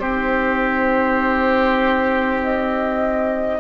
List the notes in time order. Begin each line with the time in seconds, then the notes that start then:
0.00 C4 D#4 G4 C5
2.43 D#5